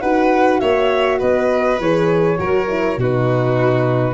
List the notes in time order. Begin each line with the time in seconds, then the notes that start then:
0.00 D#4 F#4 B4 F#5
0.59 A#3 C#5 E5
1.18 B3 B4 D#5
1.79 E3 G#4 C#5
2.38 F#3 F#4 A#4
2.68 E4
2.97 B2 D#4 F#4 B4